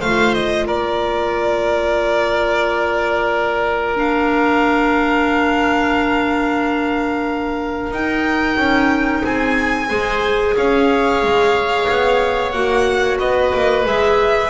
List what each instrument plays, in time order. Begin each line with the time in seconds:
0.00 double bass A3, clarinet F4, oboe C5, violin F5
0.34 violin D#5
0.67 double bass A#3, oboe A#4, violin D5
3.96 clarinet D4, violin F5
7.91 double bass D#4, clarinet D#4, violin G5
8.57 double bass C#4
9.23 double bass C4, oboe G#4, violin G#5
9.88 double bass G#3, clarinet G#4, oboe C5
10.57 double bass C#4, oboe C#5, violin F5
11.23 double bass G#3
11.89 double bass B3
12.52 double bass A#3, clarinet F#4, violin F#5
13.19 double bass B3, oboe B4, violin D#5
13.54 double bass A#3
13.85 double bass G#3, clarinet G#4, violin E5